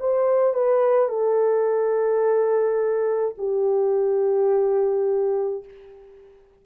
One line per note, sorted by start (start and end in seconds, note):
0.00 0.55 C5
0.55 1.09 B4
1.09 3.36 A4
3.38 5.64 G4